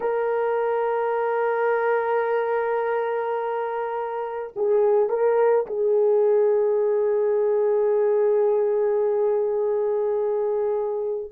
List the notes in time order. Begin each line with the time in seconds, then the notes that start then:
0.00 A#4
4.55 G#4
5.09 A#4
5.66 G#4